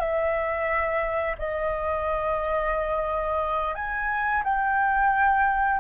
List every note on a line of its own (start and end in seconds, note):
0.00 1.36 E5
1.39 3.75 D#5
3.75 4.43 G#5
4.44 5.80 G5